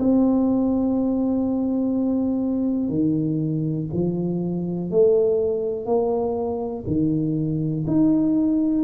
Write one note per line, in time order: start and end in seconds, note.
0.00 2.89 C4
2.89 3.88 D#3
3.93 4.91 F3
4.91 5.86 A3
5.86 6.85 A#3
6.87 7.86 D#3
7.87 8.85 D#4